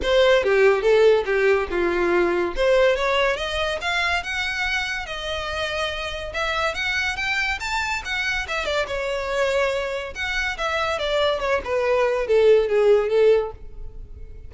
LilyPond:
\new Staff \with { instrumentName = "violin" } { \time 4/4 \tempo 4 = 142 c''4 g'4 a'4 g'4 | f'2 c''4 cis''4 | dis''4 f''4 fis''2 | dis''2. e''4 |
fis''4 g''4 a''4 fis''4 | e''8 d''8 cis''2. | fis''4 e''4 d''4 cis''8 b'8~ | b'4 a'4 gis'4 a'4 | }